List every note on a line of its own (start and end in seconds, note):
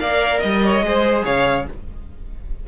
0.00 0.43 A#3
0.00 0.83 A#4
0.00 0.42 D5
0.00 0.40 F5
0.40 0.82 G3
0.40 1.23 D#5
0.40 0.65 D#5
0.65 0.86 C#5
0.82 1.24 G#3
0.82 1.68 G#4
0.82 1.25 C5
1.25 1.68 C#3
1.25 1.67 C#5
1.25 1.67 F5